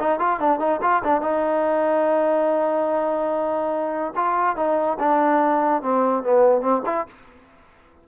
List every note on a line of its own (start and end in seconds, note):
0.00 0.20 D#4
0.20 0.40 F4
0.40 0.60 D4
0.60 0.81 D#4
0.82 1.03 F4
1.04 1.22 D4
1.22 4.14 D#4
4.16 4.57 F4
4.57 4.98 D#4
5.00 5.83 D4
5.83 6.24 C4
6.24 6.62 B3
6.62 6.83 C4
6.86 7.07 E4